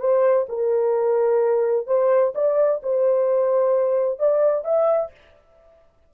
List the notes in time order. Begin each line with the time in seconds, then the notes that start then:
0.00 C5
0.49 A#4
1.87 C5
2.35 D5
2.83 C5
4.19 D5
4.64 E5